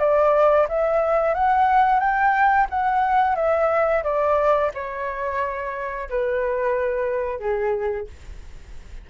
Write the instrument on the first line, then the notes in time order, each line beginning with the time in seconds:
flute
0.00 D5
0.69 E5
1.35 F#5
2.00 G5
2.70 F#5
3.36 E5
4.04 D5
4.74 C#5
6.10 B4
7.40 G#4